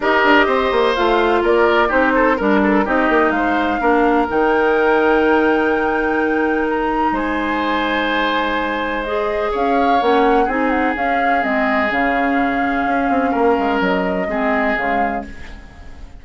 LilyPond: <<
  \new Staff \with { instrumentName = "flute" } { \time 4/4 \tempo 4 = 126 dis''2 f''4 d''4 | c''4 ais'4 dis''4 f''4~ | f''4 g''2.~ | g''2 ais''4 gis''4~ |
gis''2. dis''4 | f''4 fis''4 gis''8 fis''8 f''4 | dis''4 f''2.~ | f''4 dis''2 f''4 | }
  \new Staff \with { instrumentName = "oboe" } { \time 4/4 ais'4 c''2 ais'4 | g'8 a'8 ais'8 a'8 g'4 c''4 | ais'1~ | ais'2. c''4~ |
c''1 | cis''2 gis'2~ | gis'1 | ais'2 gis'2 | }
  \new Staff \with { instrumentName = "clarinet" } { \time 4/4 g'2 f'2 | dis'4 d'4 dis'2 | d'4 dis'2.~ | dis'1~ |
dis'2. gis'4~ | gis'4 cis'4 dis'4 cis'4 | c'4 cis'2.~ | cis'2 c'4 gis4 | }
  \new Staff \with { instrumentName = "bassoon" } { \time 4/4 dis'8 d'8 c'8 ais8 a4 ais4 | c'4 g4 c'8 ais8 gis4 | ais4 dis2.~ | dis2. gis4~ |
gis1 | cis'4 ais4 c'4 cis'4 | gis4 cis2 cis'8 c'8 | ais8 gis8 fis4 gis4 cis4 | }
>>